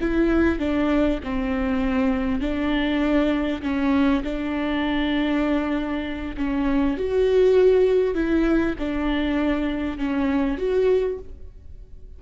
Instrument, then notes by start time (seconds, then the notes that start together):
viola
0.00 E4
0.59 D4
1.23 C4
2.40 D4
3.62 C#4
4.23 D4
6.36 C#4
6.97 F#4
8.14 E4
8.78 D4
9.98 C#4
10.58 F#4